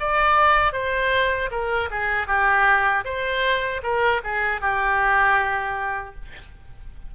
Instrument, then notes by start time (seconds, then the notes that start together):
oboe
0.00 D5
0.73 C5
1.51 A#4
1.91 G#4
2.28 G4
3.05 C5
3.83 A#4
4.24 G#4
4.62 G4